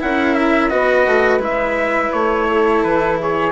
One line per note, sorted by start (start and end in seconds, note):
0.00 0.72 C#4
0.00 0.70 E4
0.00 0.71 A#4
0.00 0.35 F#5
0.35 0.69 E5
0.69 1.06 B3
0.69 1.40 F#4
0.69 2.48 B4
0.69 1.40 D#5
1.06 1.39 A3
1.39 2.09 G#3
1.39 3.51 E4
1.39 2.12 E5
2.12 2.84 A3
2.12 2.83 C#5
2.49 3.20 A4
2.83 3.52 E3
2.83 3.19 B4
3.20 3.52 G#4
3.20 3.52 C#5